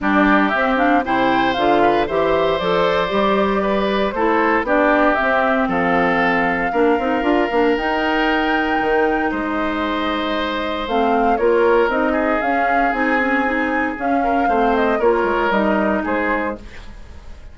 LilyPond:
<<
  \new Staff \with { instrumentName = "flute" } { \time 4/4 \tempo 4 = 116 d''4 e''8 f''8 g''4 f''4 | e''4 d''2. | c''4 d''4 e''4 f''4~ | f''2. g''4~ |
g''2 dis''2~ | dis''4 f''4 cis''4 dis''4 | f''4 gis''2 f''4~ | f''8 dis''8 cis''4 dis''4 c''4 | }
  \new Staff \with { instrumentName = "oboe" } { \time 4/4 g'2 c''4. b'8 | c''2. b'4 | a'4 g'2 a'4~ | a'4 ais'2.~ |
ais'2 c''2~ | c''2 ais'4. gis'8~ | gis'2.~ gis'8 ais'8 | c''4 ais'2 gis'4 | }
  \new Staff \with { instrumentName = "clarinet" } { \time 4/4 d'4 c'8 d'8 e'4 f'4 | g'4 a'4 g'2 | e'4 d'4 c'2~ | c'4 d'8 dis'8 f'8 d'8 dis'4~ |
dis'1~ | dis'4 c'4 f'4 dis'4 | cis'4 dis'8 cis'8 dis'4 cis'4 | c'4 f'4 dis'2 | }
  \new Staff \with { instrumentName = "bassoon" } { \time 4/4 g4 c'4 c4 d4 | e4 f4 g2 | a4 b4 c'4 f4~ | f4 ais8 c'8 d'8 ais8 dis'4~ |
dis'4 dis4 gis2~ | gis4 a4 ais4 c'4 | cis'4 c'2 cis'4 | a4 ais8 gis8 g4 gis4 | }
>>